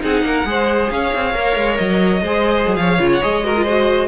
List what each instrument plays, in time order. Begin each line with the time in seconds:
0.00 cello C4, viola D#4, violin G#4 F#5
0.22 cello A#3, violin A#4
0.45 cello G#3, viola G#4, violin C5
0.90 cello C#4, violin C#5 F5
1.14 cello C4
1.33 cello A#3, viola A#4
1.56 cello G#3
1.77 cello F#3, violin D#5
2.21 cello G#3, viola G#4, violin C5
2.67 cello F#3
2.75 cello F3, violin C#5 F5
2.99 cello C#3, viola F4
3.12 violin F#5
3.21 cello G#3, viola G#4, violin D#5
3.44 viola F#4, violin A#4
3.56 viola F4
3.64 viola F#4, violin C5